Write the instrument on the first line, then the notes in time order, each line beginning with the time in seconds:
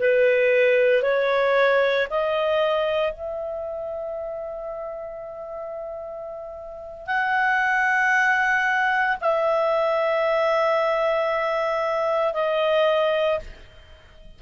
clarinet
0.00 B4
1.02 C#5
2.11 D#5
3.13 E5
7.07 F#5
9.21 E5
12.34 D#5